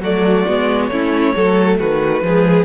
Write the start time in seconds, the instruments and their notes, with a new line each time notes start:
0.00 cello F#3, viola A3, violin F#4 D5
0.47 cello G#3, viola B3
0.87 cello A3, viola C#4, violin E4 C#5
1.35 cello F#3, viola A3, violin A4
1.79 cello D#3, violin F#4 B4
2.22 cello F3, viola G#3, violin G#4